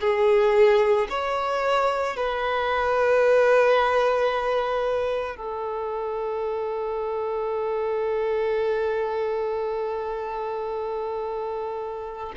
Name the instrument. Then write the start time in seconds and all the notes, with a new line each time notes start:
violin
0.00 G#4
1.09 C#5
2.16 B4
5.36 A4